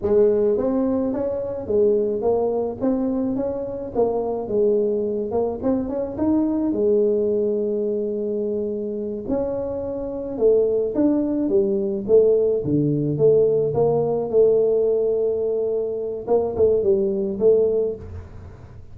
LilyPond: \new Staff \with { instrumentName = "tuba" } { \time 4/4 \tempo 4 = 107 gis4 c'4 cis'4 gis4 | ais4 c'4 cis'4 ais4 | gis4. ais8 c'8 cis'8 dis'4 | gis1~ |
gis8 cis'2 a4 d'8~ | d'8 g4 a4 d4 a8~ | a8 ais4 a2~ a8~ | a4 ais8 a8 g4 a4 | }